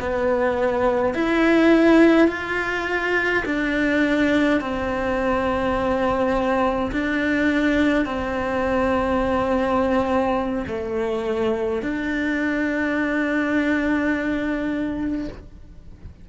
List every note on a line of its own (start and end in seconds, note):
0.00 1.14 B3
1.14 2.28 E4
2.28 3.44 F4
3.46 4.60 D4
4.60 6.91 C4
6.92 8.06 D4
8.06 10.65 C4
10.67 11.82 A3
11.82 15.28 D4